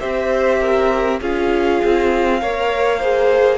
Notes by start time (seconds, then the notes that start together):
0.00 C4 G4 C5 E5
0.60 A#4
1.22 C#4 F4 G#4 F5
1.85 C4
2.41 A#3 A#4 C#5
3.00 G#4 C5